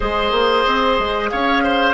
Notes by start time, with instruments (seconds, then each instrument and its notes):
0.00 bassoon G#3, clarinet G#4, oboe C5, flute D#5
0.31 bassoon A#3
0.66 bassoon C4
0.98 bassoon G#3
1.29 bassoon C#4, oboe C#5, flute F5
1.63 oboe C5